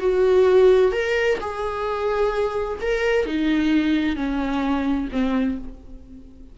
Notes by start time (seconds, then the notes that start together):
0.00 F#4
0.92 A#4
1.41 G#4
2.82 A#4
3.26 D#4
4.16 C#4
5.12 C4